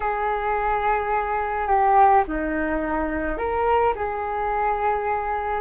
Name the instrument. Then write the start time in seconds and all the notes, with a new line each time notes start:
flute
0.00 G#4
1.67 G4
2.27 D#4
3.37 A#4
3.95 G#4